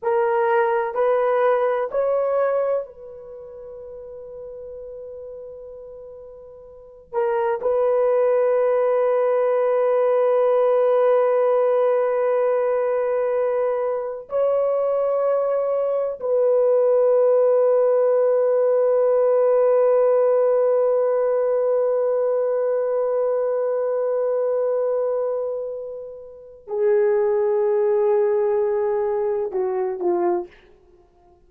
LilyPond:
\new Staff \with { instrumentName = "horn" } { \time 4/4 \tempo 4 = 63 ais'4 b'4 cis''4 b'4~ | b'2.~ b'8 ais'8 | b'1~ | b'2. cis''4~ |
cis''4 b'2.~ | b'1~ | b'1 | gis'2. fis'8 f'8 | }